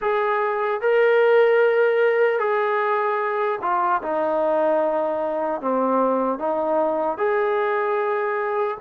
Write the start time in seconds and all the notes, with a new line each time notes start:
0.01 G#4
0.81 A#4
2.39 G#4
3.61 F4
4.02 D#4
5.61 C4
6.38 D#4
7.17 G#4